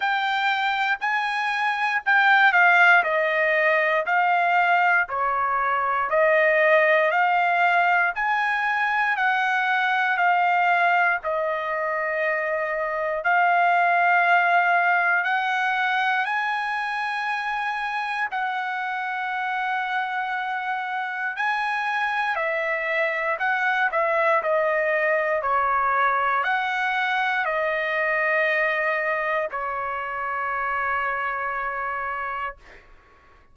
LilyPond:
\new Staff \with { instrumentName = "trumpet" } { \time 4/4 \tempo 4 = 59 g''4 gis''4 g''8 f''8 dis''4 | f''4 cis''4 dis''4 f''4 | gis''4 fis''4 f''4 dis''4~ | dis''4 f''2 fis''4 |
gis''2 fis''2~ | fis''4 gis''4 e''4 fis''8 e''8 | dis''4 cis''4 fis''4 dis''4~ | dis''4 cis''2. | }